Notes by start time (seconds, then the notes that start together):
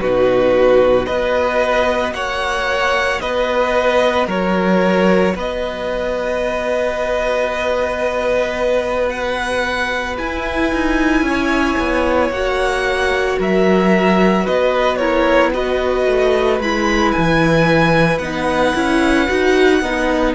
0.00 B2 D#4 F#4 B4
1.06 B3 F#4 B4 D#5
2.12 A#3 C#5 F#5
3.21 B3 B4 D#5
4.27 F#3 A#4 C#5
5.35 B3 B4 D#5
9.09 F#5
10.18 E4 G#5
10.72 D#4
11.22 C#4
11.29 C#5
11.79 B3
12.30 A#3 F#4 F#5
13.39 F#3 A#4 E5
14.44 B3 B4 D#5
14.96 E4 A#4 C#5
15.54 F#4 B4 D#5
16.07 A3
16.60 G#3 E4 B5
17.12 E3 G#5
18.19 B3 D#4 F#5
18.75 C#4 E4
19.27 D#4 F#4
19.81 B3 D#4 A#4